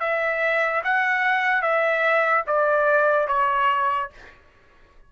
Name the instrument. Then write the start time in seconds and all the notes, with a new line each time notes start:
trumpet
0.00 E5
0.84 F#5
1.62 E5
2.47 D5
3.28 C#5